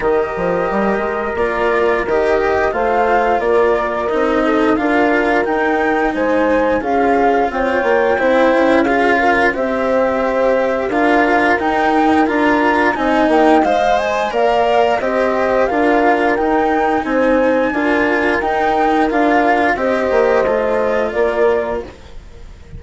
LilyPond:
<<
  \new Staff \with { instrumentName = "flute" } { \time 4/4 \tempo 4 = 88 dis''2 d''4 dis''4 | f''4 d''4 dis''4 f''4 | g''4 gis''4 f''4 g''4~ | g''4 f''4 e''2 |
f''4 g''4 ais''4 gis''8 g''8 | f''8 gis''8 f''4 dis''4 f''4 | g''4 gis''2 g''4 | f''4 dis''2 d''4 | }
  \new Staff \with { instrumentName = "horn" } { \time 4/4 ais'1 | c''4 ais'4. a'8 ais'4~ | ais'4 c''4 gis'4 cis''4 | c''4 gis'8 ais'8 c''2 |
ais'2. dis''4~ | dis''4 d''4 c''4 ais'4~ | ais'4 c''4 ais'2~ | ais'4 c''2 ais'4 | }
  \new Staff \with { instrumentName = "cello" } { \time 4/4 g'2 f'4 g'4 | f'2 dis'4 f'4 | dis'2 f'2 | e'4 f'4 g'2 |
f'4 dis'4 f'4 dis'4 | c''4 ais'4 g'4 f'4 | dis'2 f'4 dis'4 | f'4 g'4 f'2 | }
  \new Staff \with { instrumentName = "bassoon" } { \time 4/4 dis8 f8 g8 gis8 ais4 dis4 | a4 ais4 c'4 d'4 | dis'4 gis4 cis'4 c'8 ais8 | c'8 cis'4. c'2 |
d'4 dis'4 d'4 c'8 ais8 | gis4 ais4 c'4 d'4 | dis'4 c'4 d'4 dis'4 | d'4 c'8 ais8 a4 ais4 | }
>>